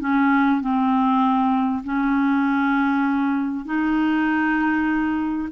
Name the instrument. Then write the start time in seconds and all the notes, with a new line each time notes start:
clarinet
0.00 C#4
0.61 C4
1.84 C#4
3.65 D#4